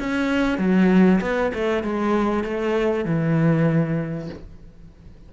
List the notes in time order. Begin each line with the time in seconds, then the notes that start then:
0.00 C#4
0.59 F#3
1.21 B3
1.55 A3
1.84 G#3
2.44 A3
3.06 E3